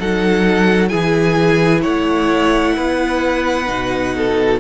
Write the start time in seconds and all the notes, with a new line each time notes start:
0.00 F#3 D#4 A4 F#5
0.89 E3 E4 G#4 G#5
1.82 A3 C#5 F#5
2.77 B3 B4
3.67 B2 D#4
4.17 A4